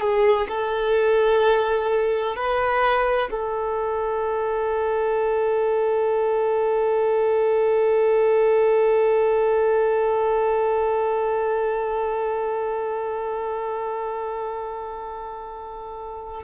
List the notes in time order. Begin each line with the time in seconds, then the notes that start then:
0.00 G#4
0.48 A4
2.36 B4
3.31 A4